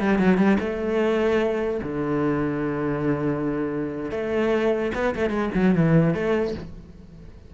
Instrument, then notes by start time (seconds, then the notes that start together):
cello
0.00 G3
0.18 F#3
0.37 G3
0.60 A3
1.82 D3
4.11 A3
4.95 B3
5.15 A3
5.30 G#3
5.55 F#3
5.75 E3
6.14 A3